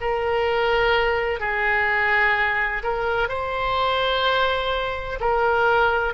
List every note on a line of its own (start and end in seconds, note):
0.00 1.39 A#4
1.39 2.82 G#4
2.82 3.28 A#4
3.28 5.19 C5
5.20 6.13 A#4